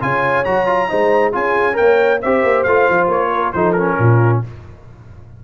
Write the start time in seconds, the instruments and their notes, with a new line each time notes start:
0.00 tuba C#3, trombone F4, horn C#5, trumpet G#5
0.44 tuba F#3, trombone F#4, trumpet A#5
0.66 trombone F4
0.88 tuba G#3, trombone D#4, horn C5
1.32 tuba C#4, trombone F4, horn G#4, trumpet G#5
1.73 trombone A#4, horn C#5, trumpet G5
1.79 tuba A#3
2.20 tuba C4, trombone G4, horn C5, trumpet E5
2.43 tuba A#3
2.63 tuba A3, trombone F4, trumpet F5
2.89 tuba F3
3.07 tuba A#3, trumpet C#5
3.33 horn A#4
3.52 tuba F3, trombone D#4, horn A4, trumpet C5
3.72 trombone C#4, trumpet A#4
3.98 tuba A#2, horn F4